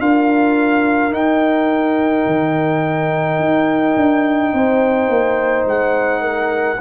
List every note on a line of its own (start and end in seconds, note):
0.00 1.12 D4
0.00 1.12 F4
0.00 4.55 A#4
0.00 1.13 F5
1.12 6.78 D#4
1.12 2.26 D#4
1.12 5.67 G5
2.26 3.39 D#3
3.39 3.96 D#4
3.96 4.53 D4
4.54 5.09 C4
4.54 6.21 C5
5.09 5.66 A#3
5.66 6.79 G#3
5.66 6.81 F#5
6.21 6.78 A#4